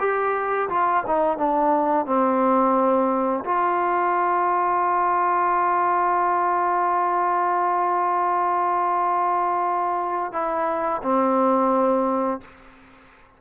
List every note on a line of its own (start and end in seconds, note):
0.00 0.69 G4
0.69 1.04 F4
1.07 1.38 D#4
1.38 2.06 D4
2.06 3.44 C4
3.45 10.33 F4
10.33 11.02 E4
11.03 12.41 C4